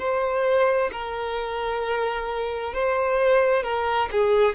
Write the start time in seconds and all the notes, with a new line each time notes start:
0.00 C5
0.93 A#4
2.74 C5
3.64 A#4
4.12 G#4